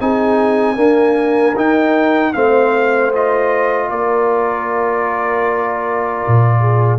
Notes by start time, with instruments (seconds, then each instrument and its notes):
0.00 tuba C4, trombone D#4, horn G#4, trumpet G#5
0.75 trombone A#3, tuba D4, horn A#4
1.55 tuba D#4, trombone D#4, trumpet G5
2.33 tuba A3, trombone C4, horn C5, trumpet F5
3.13 trombone F4, trumpet D#5
3.89 tuba A#3, horn A#4, trumpet D5
6.27 tuba A#2
6.60 horn G#4